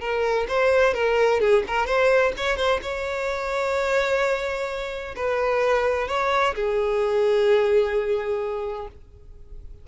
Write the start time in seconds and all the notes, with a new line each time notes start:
0.00 A#4
0.48 C5
0.93 A#4
1.40 G#4
1.67 A#4
1.86 C5
2.37 C#5
2.56 C5
2.82 C#5
5.16 B4
6.08 C#5
6.55 G#4